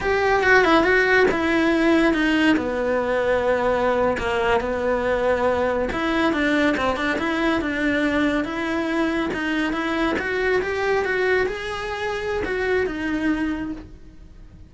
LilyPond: \new Staff \with { instrumentName = "cello" } { \time 4/4 \tempo 4 = 140 g'4 fis'8 e'8 fis'4 e'4~ | e'4 dis'4 b2~ | b4.~ b16 ais4 b4~ b16~ | b4.~ b16 e'4 d'4 c'16~ |
c'16 d'8 e'4 d'2 e'16~ | e'4.~ e'16 dis'4 e'4 fis'16~ | fis'8. g'4 fis'4 gis'4~ gis'16~ | gis'4 fis'4 dis'2 | }